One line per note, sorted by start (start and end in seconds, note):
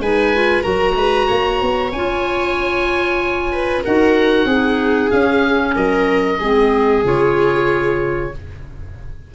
0.00 0.64 G#3
0.00 0.35 D#4
0.00 0.64 B4
0.00 0.64 G#5
0.35 0.63 F4
0.63 0.96 F#3
0.63 1.91 F#4
0.63 0.96 A#4
0.63 1.91 A#5
0.96 1.28 G#3
0.96 1.28 B4
1.28 1.62 A#3
1.28 3.51 C#5
1.62 1.92 B3
1.92 3.84 C#4
1.92 3.85 F4
1.92 3.84 G#5
3.52 3.84 B4
3.84 4.45 D#4
3.84 4.49 F#4
3.84 4.47 A#4
3.84 5.11 F#5
4.45 5.09 C4
4.45 5.10 D#4
4.45 5.74 G#4
5.10 6.38 C#4
5.10 5.76 C#4
5.10 5.75 F5
5.75 6.40 F#3
5.75 6.39 A#4
5.75 7.04 D#5
6.39 7.04 G#3
6.39 7.04 C4
6.39 8.31 G#4
7.04 8.32 C#3
7.04 8.32 F4
7.04 8.35 C#5